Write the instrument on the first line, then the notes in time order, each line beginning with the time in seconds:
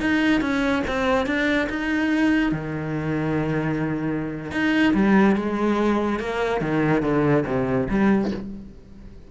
cello
0.00 D#4
0.41 C#4
0.87 C4
1.26 D4
1.69 D#4
2.52 D#3
4.51 D#4
4.94 G3
5.36 G#3
6.19 A#3
6.61 D#3
7.02 D3
7.46 C3
7.89 G3